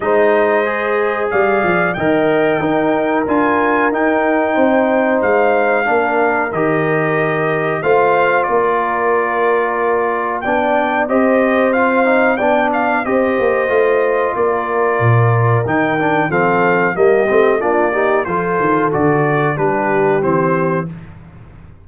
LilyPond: <<
  \new Staff \with { instrumentName = "trumpet" } { \time 4/4 \tempo 4 = 92 dis''2 f''4 g''4~ | g''4 gis''4 g''2 | f''2 dis''2 | f''4 d''2. |
g''4 dis''4 f''4 g''8 f''8 | dis''2 d''2 | g''4 f''4 dis''4 d''4 | c''4 d''4 b'4 c''4 | }
  \new Staff \with { instrumentName = "horn" } { \time 4/4 c''2 d''4 dis''4 | ais'2. c''4~ | c''4 ais'2. | c''4 ais'2. |
d''4 c''2 d''4 | c''2 ais'2~ | ais'4 a'4 g'4 f'8 g'8 | a'2 g'2 | }
  \new Staff \with { instrumentName = "trombone" } { \time 4/4 dis'4 gis'2 ais'4 | dis'4 f'4 dis'2~ | dis'4 d'4 g'2 | f'1 |
d'4 g'4 f'8 dis'8 d'4 | g'4 f'2. | dis'8 d'8 c'4 ais8 c'8 d'8 dis'8 | f'4 fis'4 d'4 c'4 | }
  \new Staff \with { instrumentName = "tuba" } { \time 4/4 gis2 g8 f8 dis4 | dis'4 d'4 dis'4 c'4 | gis4 ais4 dis2 | a4 ais2. |
b4 c'2 b4 | c'8 ais8 a4 ais4 ais,4 | dis4 f4 g8 a8 ais4 | f8 dis8 d4 g4 e4 | }
>>